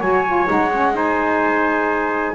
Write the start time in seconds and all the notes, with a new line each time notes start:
0.00 F#3 F#4 C#5 G#5
0.26 F4
0.47 G#3 D#4 F#5
0.71 C#4
0.93 D#4 C5 G#5